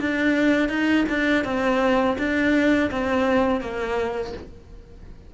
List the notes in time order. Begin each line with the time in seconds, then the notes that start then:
0.00 D4
0.69 D#4
1.09 D4
1.45 C4
2.19 D4
2.91 C4
3.61 A#3